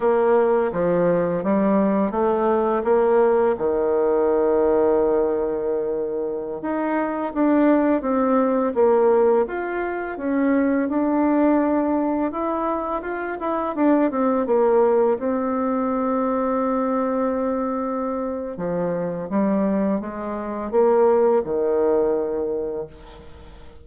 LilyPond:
\new Staff \with { instrumentName = "bassoon" } { \time 4/4 \tempo 4 = 84 ais4 f4 g4 a4 | ais4 dis2.~ | dis4~ dis16 dis'4 d'4 c'8.~ | c'16 ais4 f'4 cis'4 d'8.~ |
d'4~ d'16 e'4 f'8 e'8 d'8 c'16~ | c'16 ais4 c'2~ c'8.~ | c'2 f4 g4 | gis4 ais4 dis2 | }